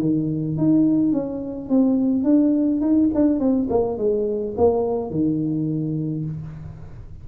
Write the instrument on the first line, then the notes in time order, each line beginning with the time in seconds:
tuba
0.00 D#3
0.57 D#4
1.12 C#4
1.69 C4
2.24 D4
2.81 D#4
3.14 D4
3.39 C4
3.70 A#3
3.98 G#3
4.57 A#3
5.11 D#3